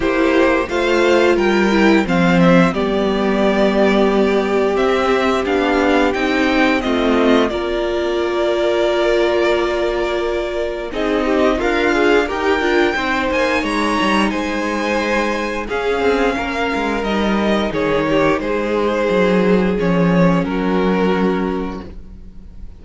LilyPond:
<<
  \new Staff \with { instrumentName = "violin" } { \time 4/4 \tempo 4 = 88 c''4 f''4 g''4 f''8 e''8 | d''2. e''4 | f''4 g''4 dis''4 d''4~ | d''1 |
dis''4 f''4 g''4. gis''8 | ais''4 gis''2 f''4~ | f''4 dis''4 cis''4 c''4~ | c''4 cis''4 ais'2 | }
  \new Staff \with { instrumentName = "violin" } { \time 4/4 g'4 c''4 ais'4 c''4 | g'1~ | g'2 f'4 ais'4~ | ais'1 |
gis'8 g'8 f'4 ais'4 c''4 | cis''4 c''2 gis'4 | ais'2 gis'8 g'8 gis'4~ | gis'2 fis'2 | }
  \new Staff \with { instrumentName = "viola" } { \time 4/4 e'4 f'4. e'8 c'4 | b2. c'4 | d'4 dis'4 c'4 f'4~ | f'1 |
dis'4 ais'8 gis'8 g'8 f'8 dis'4~ | dis'2. cis'4~ | cis'4 dis'2.~ | dis'4 cis'2. | }
  \new Staff \with { instrumentName = "cello" } { \time 4/4 ais4 a4 g4 f4 | g2. c'4 | b4 c'4 a4 ais4~ | ais1 |
c'4 d'4 dis'8 d'8 c'8 ais8 | gis8 g8 gis2 cis'8 c'8 | ais8 gis8 g4 dis4 gis4 | fis4 f4 fis2 | }
>>